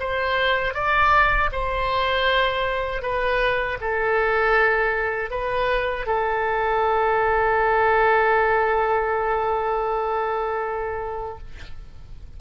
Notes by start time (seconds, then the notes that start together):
0.00 C5
0.75 D5
1.52 C5
3.02 B4
3.81 A4
5.31 B4
6.07 A4